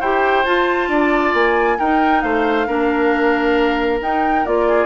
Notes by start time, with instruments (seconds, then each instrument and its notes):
0.00 bassoon E4, clarinet G4, oboe C5, flute G5
0.45 clarinet F4, bassoon F4, flute A5
0.88 bassoon D4, oboe D5
1.33 bassoon A#3, flute G#5
1.78 bassoon D#4, clarinet D#4, oboe A#4, flute G5
2.21 bassoon A3, oboe C5, flute F5
2.67 bassoon A#3, clarinet D4, oboe A#4
4.01 bassoon D#4, clarinet D#4, flute G5
4.45 bassoon A#3, clarinet F4, flute D5
4.68 oboe G#4